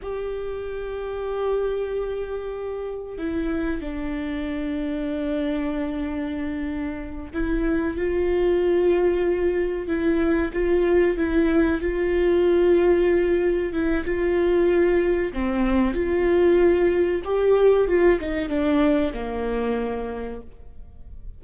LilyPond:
\new Staff \with { instrumentName = "viola" } { \time 4/4 \tempo 4 = 94 g'1~ | g'4 e'4 d'2~ | d'2.~ d'8 e'8~ | e'8 f'2. e'8~ |
e'8 f'4 e'4 f'4.~ | f'4. e'8 f'2 | c'4 f'2 g'4 | f'8 dis'8 d'4 ais2 | }